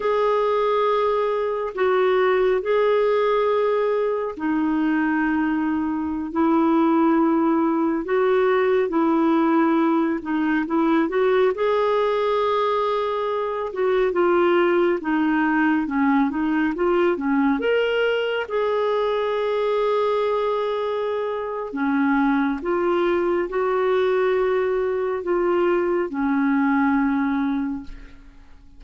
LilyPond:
\new Staff \with { instrumentName = "clarinet" } { \time 4/4 \tempo 4 = 69 gis'2 fis'4 gis'4~ | gis'4 dis'2~ dis'16 e'8.~ | e'4~ e'16 fis'4 e'4. dis'16~ | dis'16 e'8 fis'8 gis'2~ gis'8 fis'16~ |
fis'16 f'4 dis'4 cis'8 dis'8 f'8 cis'16~ | cis'16 ais'4 gis'2~ gis'8.~ | gis'4 cis'4 f'4 fis'4~ | fis'4 f'4 cis'2 | }